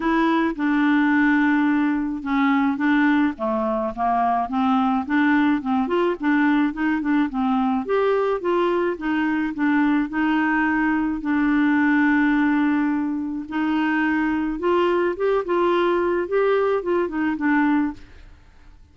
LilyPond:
\new Staff \with { instrumentName = "clarinet" } { \time 4/4 \tempo 4 = 107 e'4 d'2. | cis'4 d'4 a4 ais4 | c'4 d'4 c'8 f'8 d'4 | dis'8 d'8 c'4 g'4 f'4 |
dis'4 d'4 dis'2 | d'1 | dis'2 f'4 g'8 f'8~ | f'4 g'4 f'8 dis'8 d'4 | }